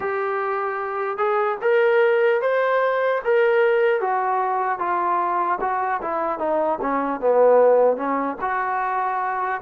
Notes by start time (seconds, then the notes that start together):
0.00 G4
1.17 G#4
1.61 A#4
2.41 C5
3.24 A#4
4.00 F#4
4.79 F4
5.60 F#4
6.01 E4
6.38 D#4
6.81 C#4
7.20 B3
7.96 C#4
8.41 F#4